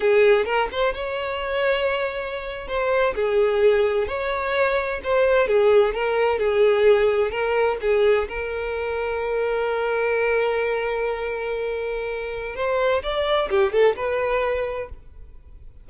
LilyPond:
\new Staff \with { instrumentName = "violin" } { \time 4/4 \tempo 4 = 129 gis'4 ais'8 c''8 cis''2~ | cis''4.~ cis''16 c''4 gis'4~ gis'16~ | gis'8. cis''2 c''4 gis'16~ | gis'8. ais'4 gis'2 ais'16~ |
ais'8. gis'4 ais'2~ ais'16~ | ais'1~ | ais'2. c''4 | d''4 g'8 a'8 b'2 | }